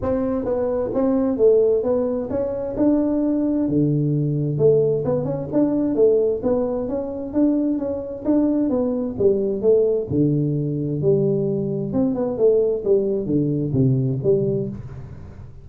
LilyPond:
\new Staff \with { instrumentName = "tuba" } { \time 4/4 \tempo 4 = 131 c'4 b4 c'4 a4 | b4 cis'4 d'2 | d2 a4 b8 cis'8 | d'4 a4 b4 cis'4 |
d'4 cis'4 d'4 b4 | g4 a4 d2 | g2 c'8 b8 a4 | g4 d4 c4 g4 | }